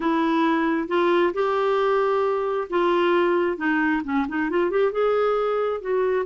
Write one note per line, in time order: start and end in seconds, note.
0.00 0.88 E4
0.88 1.32 F4
1.33 2.67 G4
2.69 3.57 F4
3.57 4.02 D#4
4.04 4.26 C#4
4.28 4.50 D#4
4.50 4.70 F4
4.70 4.92 G4
4.92 5.81 G#4
5.81 6.26 F#4